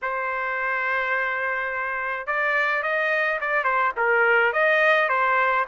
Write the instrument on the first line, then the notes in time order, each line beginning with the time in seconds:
trumpet
0.02 C5
2.26 D5
2.83 D#5
3.41 D5
3.64 C5
3.96 A#4
4.53 D#5
5.08 C5